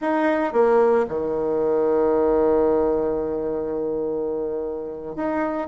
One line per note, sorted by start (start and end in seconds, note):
0.01 0.52 D#4
0.52 1.05 A#3
1.08 5.16 D#3
5.16 5.67 D#4